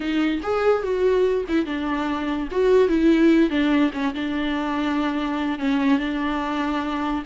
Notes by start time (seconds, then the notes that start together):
0.00 D#4
0.43 G#4
0.82 F#4
1.48 E4
1.65 D4
2.51 F#4
2.88 E4
3.50 D4
3.93 C#4
4.14 D4
5.58 C#4
5.98 D4